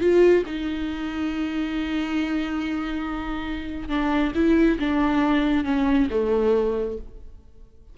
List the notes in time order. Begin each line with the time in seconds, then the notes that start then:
0.00 F4
0.46 D#4
3.89 D4
4.35 E4
4.79 D4
5.64 C#4
6.10 A3